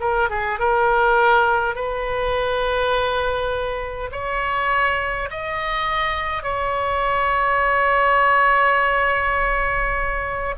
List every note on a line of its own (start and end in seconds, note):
0.00 0.29 A#4
0.30 0.59 G#4
0.59 1.75 A#4
1.75 4.11 B4
4.12 5.29 C#5
5.30 6.43 D#5
6.43 10.55 C#5